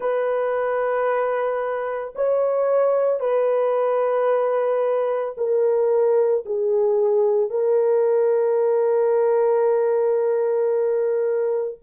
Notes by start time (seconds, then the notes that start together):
0.00 B4
2.15 C#5
3.19 B4
5.37 A#4
6.45 G#4
7.50 A#4